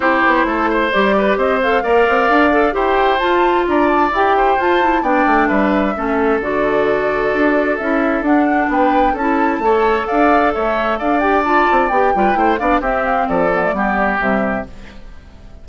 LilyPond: <<
  \new Staff \with { instrumentName = "flute" } { \time 4/4 \tempo 4 = 131 c''2 d''4 dis''8 f''8~ | f''2 g''4 a''4 | ais''8 a''8 g''4 a''4 g''4 | e''2 d''2~ |
d''4 e''4 fis''4 g''4 | a''2 f''4 e''4 | f''8 g''8 a''4 g''4. f''8 | e''8 f''8 d''2 e''4 | }
  \new Staff \with { instrumentName = "oboe" } { \time 4/4 g'4 a'8 c''4 b'8 c''4 | d''2 c''2 | d''4. c''4. d''4 | b'4 a'2.~ |
a'2. b'4 | a'4 cis''4 d''4 cis''4 | d''2~ d''8 b'8 c''8 d''8 | g'4 a'4 g'2 | }
  \new Staff \with { instrumentName = "clarinet" } { \time 4/4 e'2 g'4. a'8 | ais'4. a'8 g'4 f'4~ | f'4 g'4 f'8 e'8 d'4~ | d'4 cis'4 fis'2~ |
fis'4 e'4 d'2 | e'4 a'2.~ | a'8 g'8 f'4 g'8 f'8 e'8 d'8 | c'4. b16 a16 b4 g4 | }
  \new Staff \with { instrumentName = "bassoon" } { \time 4/4 c'8 b8 a4 g4 c'4 | ais8 c'8 d'4 e'4 f'4 | d'4 e'4 f'4 b8 a8 | g4 a4 d2 |
d'4 cis'4 d'4 b4 | cis'4 a4 d'4 a4 | d'4. c'8 b8 g8 a8 b8 | c'4 f4 g4 c4 | }
>>